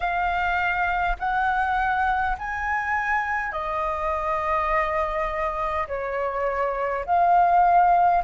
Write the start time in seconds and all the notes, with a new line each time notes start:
0.00 F5
1.19 F#5
2.38 G#5
3.51 D#5
5.87 C#5
7.05 F5